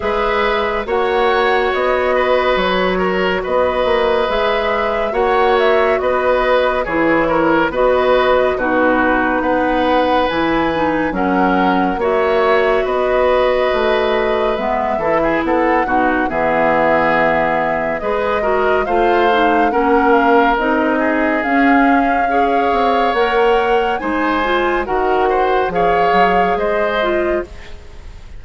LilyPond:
<<
  \new Staff \with { instrumentName = "flute" } { \time 4/4 \tempo 4 = 70 e''4 fis''4 dis''4 cis''4 | dis''4 e''4 fis''8 e''8 dis''4 | cis''4 dis''4 b'4 fis''4 | gis''4 fis''4 e''4 dis''4~ |
dis''4 e''4 fis''4 e''4~ | e''4 dis''4 f''4 fis''8 f''8 | dis''4 f''2 fis''4 | gis''4 fis''4 f''4 dis''4 | }
  \new Staff \with { instrumentName = "oboe" } { \time 4/4 b'4 cis''4. b'4 ais'8 | b'2 cis''4 b'4 | gis'8 ais'8 b'4 fis'4 b'4~ | b'4 ais'4 cis''4 b'4~ |
b'4. a'16 gis'16 a'8 fis'8 gis'4~ | gis'4 b'8 ais'8 c''4 ais'4~ | ais'8 gis'4. cis''2 | c''4 ais'8 c''8 cis''4 c''4 | }
  \new Staff \with { instrumentName = "clarinet" } { \time 4/4 gis'4 fis'2.~ | fis'4 gis'4 fis'2 | e'4 fis'4 dis'2 | e'8 dis'8 cis'4 fis'2~ |
fis'4 b8 e'4 dis'8 b4~ | b4 gis'8 fis'8 f'8 dis'8 cis'4 | dis'4 cis'4 gis'4 ais'4 | dis'8 f'8 fis'4 gis'4. f'8 | }
  \new Staff \with { instrumentName = "bassoon" } { \time 4/4 gis4 ais4 b4 fis4 | b8 ais8 gis4 ais4 b4 | e4 b4 b,4 b4 | e4 fis4 ais4 b4 |
a4 gis8 e8 b8 b,8 e4~ | e4 gis4 a4 ais4 | c'4 cis'4. c'8 ais4 | gis4 dis4 f8 fis8 gis4 | }
>>